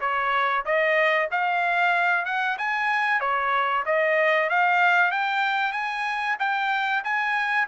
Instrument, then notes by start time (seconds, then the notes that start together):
trumpet
0.00 C#5
0.65 D#5
1.31 F5
2.25 F#5
2.58 G#5
3.20 C#5
3.85 D#5
4.49 F5
5.11 G5
5.72 G#5
6.39 G5
7.04 G#5